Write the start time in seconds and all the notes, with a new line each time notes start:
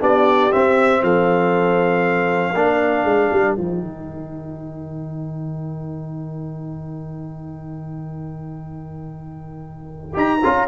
0.00 B3 D4 G4 D5
0.51 C4 E5
1.02 F3 A4 F5
2.54 A#3 D4 A#4
3.05 G#3
3.32 G3
3.56 F3 D#4 G5
3.81 D#3
10.13 D#4 G4 A#5
10.44 C#4 F4